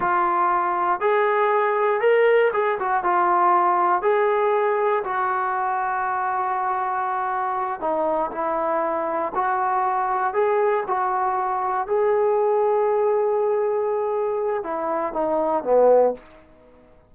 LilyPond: \new Staff \with { instrumentName = "trombone" } { \time 4/4 \tempo 4 = 119 f'2 gis'2 | ais'4 gis'8 fis'8 f'2 | gis'2 fis'2~ | fis'2.~ fis'8 dis'8~ |
dis'8 e'2 fis'4.~ | fis'8 gis'4 fis'2 gis'8~ | gis'1~ | gis'4 e'4 dis'4 b4 | }